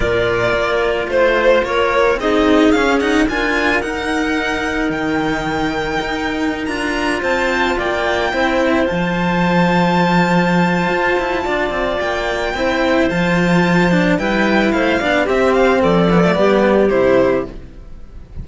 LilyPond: <<
  \new Staff \with { instrumentName = "violin" } { \time 4/4 \tempo 4 = 110 d''2 c''4 cis''4 | dis''4 f''8 fis''8 gis''4 fis''4~ | fis''4 g''2.~ | g''16 ais''4 a''4 g''4.~ g''16~ |
g''16 a''2.~ a''8.~ | a''2 g''2 | a''2 g''4 f''4 | e''8 f''8 d''2 c''4 | }
  \new Staff \with { instrumentName = "clarinet" } { \time 4/4 ais'2 c''4 ais'4 | gis'2 ais'2~ | ais'1~ | ais'4~ ais'16 c''4 d''4 c''8.~ |
c''1~ | c''4 d''2 c''4~ | c''2 b'4 c''8 d''8 | g'4 a'4 g'2 | }
  \new Staff \with { instrumentName = "cello" } { \time 4/4 f'1 | dis'4 cis'8 dis'8 f'4 dis'4~ | dis'1~ | dis'16 f'2. e'8.~ |
e'16 f'2.~ f'8.~ | f'2. e'4 | f'4. d'8 e'4. d'8 | c'4. b16 a16 b4 e'4 | }
  \new Staff \with { instrumentName = "cello" } { \time 4/4 ais,4 ais4 a4 ais4 | c'4 cis'4 d'4 dis'4~ | dis'4 dis2 dis'4~ | dis'16 d'4 c'4 ais4 c'8.~ |
c'16 f2.~ f8. | f'8 e'8 d'8 c'8 ais4 c'4 | f2 g4 a8 b8 | c'4 f4 g4 c4 | }
>>